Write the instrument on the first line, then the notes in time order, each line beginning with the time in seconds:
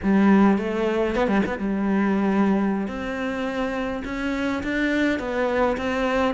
cello
0.03 G3
0.58 A3
1.15 B3
1.27 G3
1.46 B3
1.58 G3
2.87 C4
4.05 C#4
4.63 D4
5.19 B3
5.77 C4